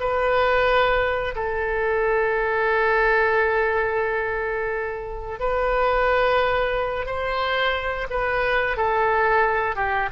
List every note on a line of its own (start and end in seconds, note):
0.00 1.35 B4
1.35 5.40 A4
5.40 7.06 B4
7.06 8.07 C5
8.10 8.77 B4
8.77 9.76 A4
9.76 10.09 G4